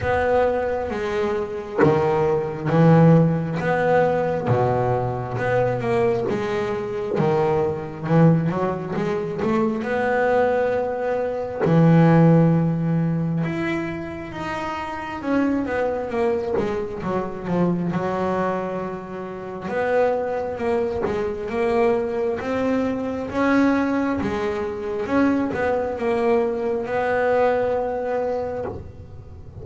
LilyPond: \new Staff \with { instrumentName = "double bass" } { \time 4/4 \tempo 4 = 67 b4 gis4 dis4 e4 | b4 b,4 b8 ais8 gis4 | dis4 e8 fis8 gis8 a8 b4~ | b4 e2 e'4 |
dis'4 cis'8 b8 ais8 gis8 fis8 f8 | fis2 b4 ais8 gis8 | ais4 c'4 cis'4 gis4 | cis'8 b8 ais4 b2 | }